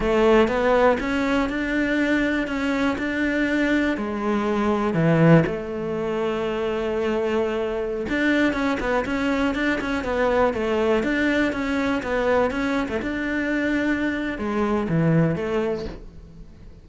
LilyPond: \new Staff \with { instrumentName = "cello" } { \time 4/4 \tempo 4 = 121 a4 b4 cis'4 d'4~ | d'4 cis'4 d'2 | gis2 e4 a4~ | a1~ |
a16 d'4 cis'8 b8 cis'4 d'8 cis'16~ | cis'16 b4 a4 d'4 cis'8.~ | cis'16 b4 cis'8. a16 d'4.~ d'16~ | d'4 gis4 e4 a4 | }